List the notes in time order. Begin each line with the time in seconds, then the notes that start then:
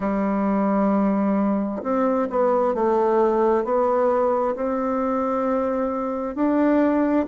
0.00 G3
1.83 C4
2.30 B3
2.74 A3
3.64 B3
4.55 C4
6.35 D4